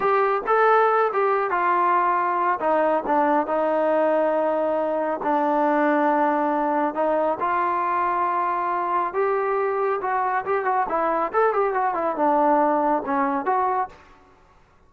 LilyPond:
\new Staff \with { instrumentName = "trombone" } { \time 4/4 \tempo 4 = 138 g'4 a'4. g'4 f'8~ | f'2 dis'4 d'4 | dis'1 | d'1 |
dis'4 f'2.~ | f'4 g'2 fis'4 | g'8 fis'8 e'4 a'8 g'8 fis'8 e'8 | d'2 cis'4 fis'4 | }